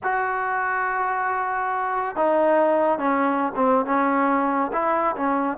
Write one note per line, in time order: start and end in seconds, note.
0.03 2.16 F#4
2.16 2.98 D#4
2.98 3.52 C#4
3.55 3.85 C4
3.85 4.71 C#4
4.72 5.15 E4
5.16 5.57 C#4